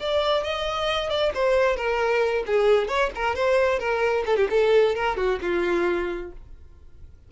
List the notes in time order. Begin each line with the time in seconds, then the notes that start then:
0.00 D5
0.43 D#5
1.09 D5
1.34 C5
1.76 A#4
2.46 G#4
2.88 C#5
3.15 A#4
3.35 C5
3.79 A#4
4.26 A4
4.37 G4
4.50 A4
4.95 A#4
5.17 F#4
5.42 F4